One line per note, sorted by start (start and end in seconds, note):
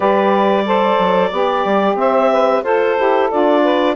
0.00 0.97 G3
0.00 0.64 G4
0.00 0.64 B4
0.00 1.97 D5
0.64 1.30 A4
0.64 1.29 C5
0.98 1.31 F#3
1.29 1.64 B3
1.29 2.63 G4
1.29 1.95 D5
1.64 1.94 G3
1.94 2.60 C4
1.94 2.30 C5
1.94 2.63 E5
2.30 2.63 B4
2.63 2.96 F4
2.63 2.96 A4
2.63 3.62 A4
2.63 3.29 C5
2.96 3.31 E4
2.96 3.29 G4
3.30 3.95 D4
3.30 3.95 F4
3.30 3.95 D5
3.62 3.95 B4